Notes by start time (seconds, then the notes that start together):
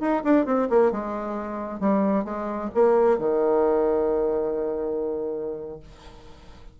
0.00 D#4
0.24 D4
0.46 C4
0.70 A#3
0.92 G#3
1.80 G3
2.25 G#3
2.75 A#3
3.19 D#3